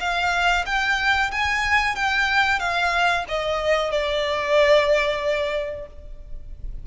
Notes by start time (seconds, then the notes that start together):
0.00 F5
0.66 G5
1.32 G#5
1.96 G5
2.60 F5
3.29 D#5
3.91 D5